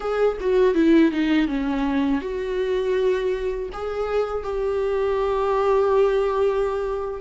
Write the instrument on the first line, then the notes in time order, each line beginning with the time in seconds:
viola
0.00 G#4
0.40 F#4
0.74 E4
1.11 D#4
1.47 C#4
2.21 F#4
3.72 G#4
4.43 G4